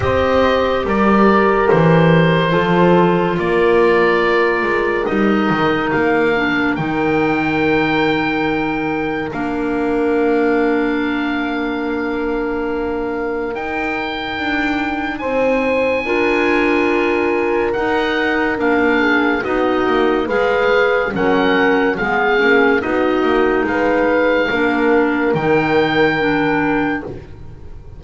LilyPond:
<<
  \new Staff \with { instrumentName = "oboe" } { \time 4/4 \tempo 4 = 71 dis''4 d''4 c''2 | d''2 dis''4 f''4 | g''2. f''4~ | f''1 |
g''2 gis''2~ | gis''4 fis''4 f''4 dis''4 | f''4 fis''4 f''4 dis''4 | f''2 g''2 | }
  \new Staff \with { instrumentName = "horn" } { \time 4/4 c''4 ais'2 a'4 | ais'1~ | ais'1~ | ais'1~ |
ais'2 c''4 ais'4~ | ais'2~ ais'8 gis'8 fis'4 | b'4 ais'4 gis'4 fis'4 | b'4 ais'2. | }
  \new Staff \with { instrumentName = "clarinet" } { \time 4/4 g'2. f'4~ | f'2 dis'4. d'8 | dis'2. d'4~ | d'1 |
dis'2. f'4~ | f'4 dis'4 d'4 dis'4 | gis'4 cis'4 b8 cis'8 dis'4~ | dis'4 d'4 dis'4 d'4 | }
  \new Staff \with { instrumentName = "double bass" } { \time 4/4 c'4 g4 e4 f4 | ais4. gis8 g8 dis8 ais4 | dis2. ais4~ | ais1 |
dis'4 d'4 c'4 d'4~ | d'4 dis'4 ais4 b8 ais8 | gis4 fis4 gis8 ais8 b8 ais8 | gis4 ais4 dis2 | }
>>